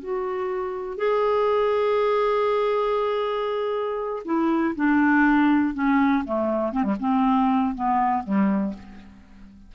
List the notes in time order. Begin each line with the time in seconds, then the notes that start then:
0.00 F#4
0.98 G#4
4.25 E4
4.76 D4
5.75 C#4
6.25 A3
6.73 C4
6.83 G3
7.00 C4
7.75 B3
8.24 G3